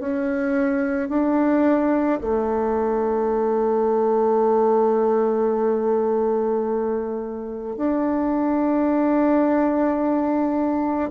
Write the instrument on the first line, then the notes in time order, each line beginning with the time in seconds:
bassoon
0.00 C#4
1.10 D4
2.22 A3
7.77 D4